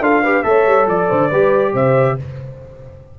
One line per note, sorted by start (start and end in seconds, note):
0.00 0.43 D4
0.00 0.24 F4
0.00 0.23 A4
0.00 0.43 F5
0.23 0.44 G4
0.23 0.44 B4
0.43 0.66 A3
0.43 1.30 A4
0.43 0.89 C#5
0.43 0.86 E5
0.66 0.87 G3
0.87 1.08 F3
0.87 1.10 D5
0.87 1.75 D5
1.10 1.31 D3
1.10 1.29 C5
1.29 1.74 G3
1.29 2.19 G4
1.29 1.73 B4
1.74 2.17 C3
1.74 2.17 C5
1.74 2.19 E5